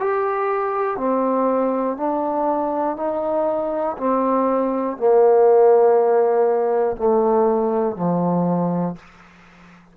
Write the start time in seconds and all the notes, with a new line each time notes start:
0.00 G4
0.98 C4
1.97 D4
2.97 D#4
3.98 C4
4.98 A#3
6.97 A3
7.96 F3